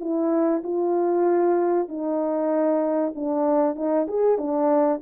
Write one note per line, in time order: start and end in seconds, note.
0.00 0.62 E4
0.63 1.88 F4
1.88 3.13 D#4
3.15 3.76 D4
3.76 4.07 D#4
4.08 4.38 G#4
4.38 5.01 D4